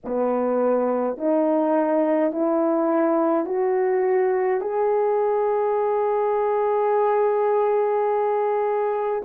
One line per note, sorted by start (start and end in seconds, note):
0.04 1.17 B3
1.17 2.32 D#4
2.32 3.45 E4
3.45 4.60 F#4
4.60 9.22 G#4